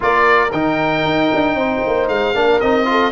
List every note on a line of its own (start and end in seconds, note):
0.00 0.52 A#3
0.00 0.49 F4
0.00 1.57 A#4
0.00 0.51 D5
0.51 1.04 D#3
0.51 2.34 D#4
0.51 2.08 G5
1.04 1.30 D#4
1.34 1.54 D4
1.54 1.81 C4
1.54 2.35 C5
1.85 2.08 A#3
2.08 2.34 G#3
2.08 2.60 F5
2.34 2.60 A#3
2.34 2.60 D4
2.34 2.87 A#4
2.60 3.12 C4
2.60 2.85 D#4
2.60 3.12 D#5
2.85 3.11 F4
2.85 3.12 A4